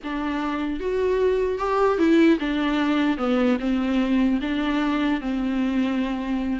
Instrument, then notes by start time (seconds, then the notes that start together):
viola
0.03 D4
0.79 F#4
1.58 G4
1.98 E4
2.39 D4
3.17 B3
3.59 C4
4.41 D4
5.21 C4